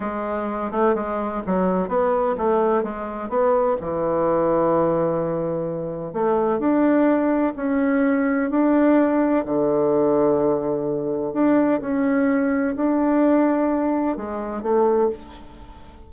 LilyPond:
\new Staff \with { instrumentName = "bassoon" } { \time 4/4 \tempo 4 = 127 gis4. a8 gis4 fis4 | b4 a4 gis4 b4 | e1~ | e4 a4 d'2 |
cis'2 d'2 | d1 | d'4 cis'2 d'4~ | d'2 gis4 a4 | }